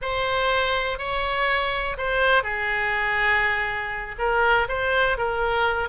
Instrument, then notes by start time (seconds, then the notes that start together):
oboe
0.01 C5
0.98 C#5
1.97 C5
2.43 G#4
4.18 A#4
4.68 C5
5.17 A#4